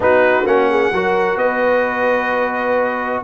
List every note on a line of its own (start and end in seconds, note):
0.00 0.45 B3
0.00 0.44 D#4
0.00 0.70 F#4
0.00 0.47 B4
0.46 0.92 A#3
0.46 0.92 C#4
0.46 1.38 F#5
0.70 0.93 G#4
0.92 1.36 F#3
0.92 3.23 F#4
0.92 1.40 A#4
1.36 3.20 B3
1.36 3.23 B4
1.36 3.22 D#5